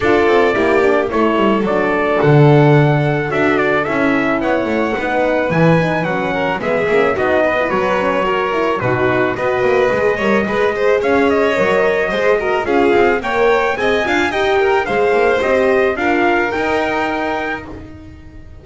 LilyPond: <<
  \new Staff \with { instrumentName = "trumpet" } { \time 4/4 \tempo 4 = 109 d''2 cis''4 d''4 | fis''2 e''8 d''8 e''4 | fis''2 gis''4 fis''4 | e''4 dis''4 cis''2 |
b'4 dis''2. | f''8 dis''2~ dis''8 f''4 | g''4 gis''4 g''4 f''4 | dis''4 f''4 g''2 | }
  \new Staff \with { instrumentName = "violin" } { \time 4/4 a'4 g'4 a'2~ | a'1 | cis''4 b'2~ b'8 ais'8 | gis'4 fis'8 b'4. ais'4 |
fis'4 b'4. cis''8 b'8 c''8 | cis''2 c''8 ais'8 gis'4 | cis''4 dis''8 f''8 dis''8 ais'8 c''4~ | c''4 ais'2. | }
  \new Staff \with { instrumentName = "horn" } { \time 4/4 f'4 e'8 d'8 e'4 d'4~ | d'2 fis'4 e'4~ | e'4 dis'4 e'8 dis'8 cis'4 | b8 cis'8 dis'8. e'16 fis'8 cis'8 fis'8 e'8 |
dis'4 fis'4 gis'8 ais'8 gis'4~ | gis'4 ais'4 gis'8 fis'8 f'4 | ais'4 gis'8 f'8 g'4 gis'4 | g'4 f'4 dis'2 | }
  \new Staff \with { instrumentName = "double bass" } { \time 4/4 d'8 c'8 ais4 a8 g8 fis4 | d2 d'4 cis'4 | b8 a8 b4 e4 fis4 | gis8 ais8 b4 fis2 |
b,4 b8 ais8 gis8 g8 gis4 | cis'4 fis4 gis4 cis'8 c'8 | ais4 c'8 d'8 dis'4 gis8 ais8 | c'4 d'4 dis'2 | }
>>